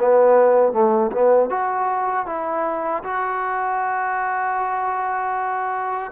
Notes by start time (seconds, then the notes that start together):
0.00 B3
0.73 A3
1.12 B3
1.50 F#4
2.27 E4
3.04 F#4